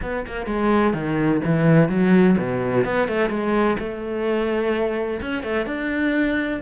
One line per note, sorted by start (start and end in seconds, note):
0.02 0.25 B3
0.26 0.46 A#3
0.46 0.93 G#3
0.93 1.40 D#3
1.44 1.89 E3
1.89 2.36 F#3
2.38 2.85 B2
2.85 3.08 B3
3.08 3.29 A3
3.29 3.76 G#3
3.78 5.20 A3
5.21 5.43 C#4
5.43 5.66 A3
5.66 6.60 D4